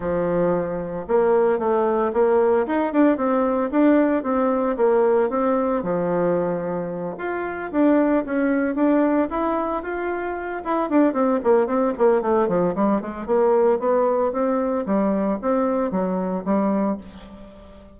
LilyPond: \new Staff \with { instrumentName = "bassoon" } { \time 4/4 \tempo 4 = 113 f2 ais4 a4 | ais4 dis'8 d'8 c'4 d'4 | c'4 ais4 c'4 f4~ | f4. f'4 d'4 cis'8~ |
cis'8 d'4 e'4 f'4. | e'8 d'8 c'8 ais8 c'8 ais8 a8 f8 | g8 gis8 ais4 b4 c'4 | g4 c'4 fis4 g4 | }